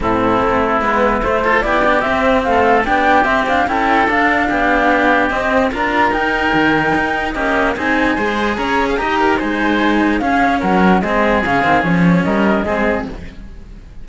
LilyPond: <<
  \new Staff \with { instrumentName = "flute" } { \time 4/4 \tempo 4 = 147 a'2 b'4 c''4 | d''4 e''4 f''4 g''4 | e''8 f''8 g''4 f''2~ | f''4 dis''4 ais''4 g''4~ |
g''2 dis''4 gis''4~ | gis''4 ais''8. gis'16 ais''4 gis''4~ | gis''4 f''4 fis''4 dis''4 | f''4 cis''4 dis''2 | }
  \new Staff \with { instrumentName = "oboe" } { \time 4/4 e'2.~ e'8 a'8 | g'2 a'4 g'4~ | g'4 a'2 g'4~ | g'2 ais'2~ |
ais'2 g'4 gis'4 | c''4 cis''8. f''16 dis''8 ais'8 c''4~ | c''4 gis'4 ais'4 gis'4~ | gis'2 ais'4 gis'4 | }
  \new Staff \with { instrumentName = "cello" } { \time 4/4 c'2 b4 a8 f'8 | e'8 d'8 c'2 d'4 | c'8 d'8 e'4 d'2~ | d'4 c'4 f'4 dis'4~ |
dis'2 ais4 dis'4 | gis'2 g'4 dis'4~ | dis'4 cis'2 c'4 | cis'8 c'8 cis'2 c'4 | }
  \new Staff \with { instrumentName = "cello" } { \time 4/4 a,4 a4 gis4 a4 | b4 c'4 a4 b4 | c'4 cis'4 d'4 b4~ | b4 c'4 d'4 dis'4 |
dis4 dis'4 cis'4 c'4 | gis4 cis'4 dis'4 gis4~ | gis4 cis'4 fis4 gis4 | cis8 dis8 f4 g4 gis4 | }
>>